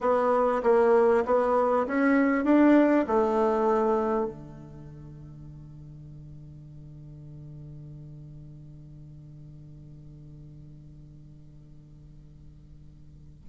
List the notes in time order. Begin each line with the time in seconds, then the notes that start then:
0.00 B3
0.63 A#3
1.25 B3
1.86 C#4
2.44 D4
3.07 A3
4.26 D3